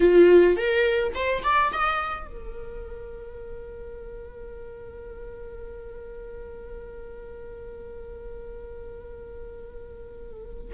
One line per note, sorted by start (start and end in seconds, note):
0.00 0.56 F4
0.56 1.13 A#4
1.14 1.43 C5
1.43 1.71 D5
1.72 2.27 D#5
2.27 10.73 A#4